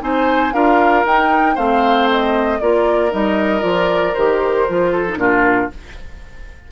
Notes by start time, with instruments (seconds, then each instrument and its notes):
0.00 bassoon C4, clarinet D#4, oboe C5, flute G#5
0.53 bassoon D4, clarinet F4, oboe A#4, flute F5
1.04 bassoon D#4, clarinet D#4, flute G5
1.54 bassoon A3, clarinet C4, oboe C5, flute F5
2.10 flute D#5
2.59 bassoon A#3, clarinet F4, oboe A#4, flute D5
3.10 bassoon G3, clarinet D#4, flute D#5
3.60 bassoon F3, clarinet F4, flute D5
4.14 bassoon D#3, clarinet G4, flute C5
4.67 bassoon F3, clarinet F4
4.91 oboe A4
5.08 clarinet D#4
5.16 bassoon A#2, clarinet D4, oboe F4, flute A#4